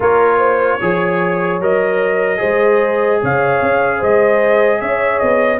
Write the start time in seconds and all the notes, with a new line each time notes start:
0.00 A#3 F4 A#4 C#5
0.38 C5
0.80 F3 G#4 C#5
1.60 F#3 A#4 D#5
2.37 G#3 G#4 C5
3.22 C#3 C#5 F5
3.61 C#4
3.98 G#3 C5 D#5
4.80 C#4 C#5 E5
5.19 B3 D#5